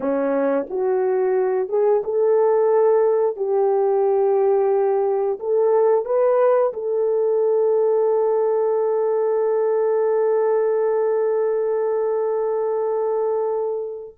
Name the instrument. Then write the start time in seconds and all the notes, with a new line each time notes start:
horn
0.00 C#4
0.69 F#4
1.68 G#4
2.04 A4
3.36 G4
5.39 A4
6.05 B4
6.73 A4